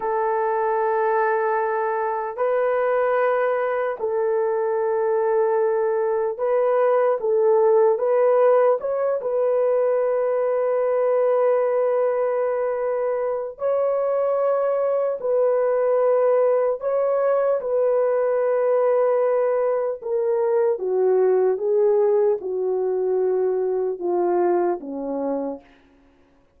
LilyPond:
\new Staff \with { instrumentName = "horn" } { \time 4/4 \tempo 4 = 75 a'2. b'4~ | b'4 a'2. | b'4 a'4 b'4 cis''8 b'8~ | b'1~ |
b'4 cis''2 b'4~ | b'4 cis''4 b'2~ | b'4 ais'4 fis'4 gis'4 | fis'2 f'4 cis'4 | }